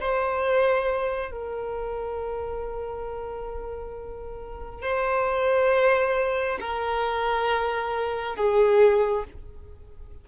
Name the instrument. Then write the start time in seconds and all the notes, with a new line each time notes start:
violin
0.00 C5
1.31 A#4
4.82 C5
6.61 A#4
8.36 G#4